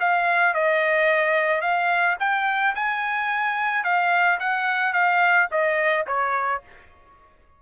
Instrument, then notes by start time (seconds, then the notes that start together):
trumpet
0.00 F5
0.54 D#5
1.62 F5
2.20 G5
2.75 G#5
3.84 F5
4.40 F#5
4.93 F5
5.51 D#5
6.07 C#5